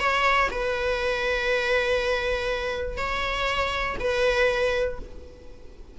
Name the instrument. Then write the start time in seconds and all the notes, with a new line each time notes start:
viola
0.00 C#5
0.52 B4
2.98 C#5
4.00 B4